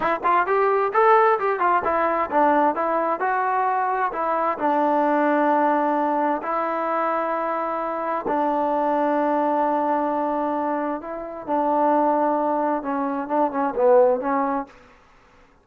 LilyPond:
\new Staff \with { instrumentName = "trombone" } { \time 4/4 \tempo 4 = 131 e'8 f'8 g'4 a'4 g'8 f'8 | e'4 d'4 e'4 fis'4~ | fis'4 e'4 d'2~ | d'2 e'2~ |
e'2 d'2~ | d'1 | e'4 d'2. | cis'4 d'8 cis'8 b4 cis'4 | }